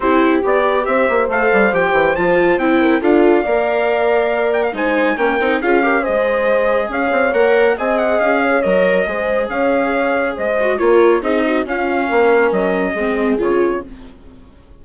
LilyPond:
<<
  \new Staff \with { instrumentName = "trumpet" } { \time 4/4 \tempo 4 = 139 c''4 d''4 e''4 f''4 | g''4 a''4 g''4 f''4~ | f''2~ f''8 g''16 f''16 gis''4 | g''4 f''4 dis''2 |
f''4 fis''4 gis''8 fis''8 f''4 | dis''2 f''2 | dis''4 cis''4 dis''4 f''4~ | f''4 dis''2 cis''4 | }
  \new Staff \with { instrumentName = "horn" } { \time 4/4 g'2 c''2~ | c''2~ c''8 ais'8 a'4 | d''2. c''4 | ais'4 gis'8 ais'8 c''2 |
cis''2 dis''4. cis''8~ | cis''4 c''4 cis''2 | c''4 ais'4 gis'8 fis'8 f'4 | ais'2 gis'2 | }
  \new Staff \with { instrumentName = "viola" } { \time 4/4 e'4 g'2 a'4 | g'4 f'4 e'4 f'4 | ais'2. dis'4 | cis'8 dis'8 f'8 g'8 gis'2~ |
gis'4 ais'4 gis'2 | ais'4 gis'2.~ | gis'8 fis'8 f'4 dis'4 cis'4~ | cis'2 c'4 f'4 | }
  \new Staff \with { instrumentName = "bassoon" } { \time 4/4 c'4 b4 c'8 ais8 a8 g8 | f8 e8 f4 c'4 d'4 | ais2. gis4 | ais8 c'8 cis'4 gis2 |
cis'8 c'8 ais4 c'4 cis'4 | fis4 gis4 cis'2 | gis4 ais4 c'4 cis'4 | ais4 fis4 gis4 cis4 | }
>>